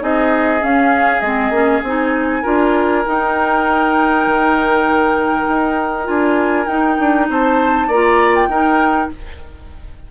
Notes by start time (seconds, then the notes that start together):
0.00 C4 D#4 G#4 D#5
0.61 C#4 F5
1.21 G#3 C4 D#5
1.50 A#3 C#4
1.83 C4 D#4 G#5
2.43 D4 F4 A#4
3.07 D#4 G5
4.27 D#3
5.48 D#4
6.05 D4 F4 G#5
6.67 D#4 G5
7.00 D4
7.30 C4 C5 A5
7.88 A#3 F4 D5 A#5
8.36 G5
8.48 D#4 A#4